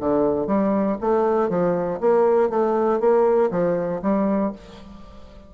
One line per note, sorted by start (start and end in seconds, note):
0.00 0.47 D3
0.47 0.97 G3
1.01 1.49 A3
1.49 2.00 F3
2.00 2.50 A#3
2.50 3.00 A3
3.00 3.51 A#3
3.51 4.01 F3
4.02 4.52 G3